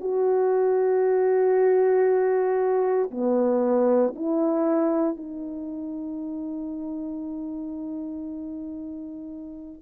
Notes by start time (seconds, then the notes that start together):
0.00 F#4
3.11 B3
4.16 E4
5.17 D#4